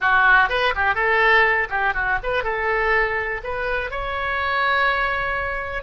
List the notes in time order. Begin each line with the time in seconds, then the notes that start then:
0.00 F#4
0.49 B4
0.75 G4
0.94 A4
1.69 G4
1.94 F#4
2.23 B4
2.43 A4
3.43 B4
3.90 C#5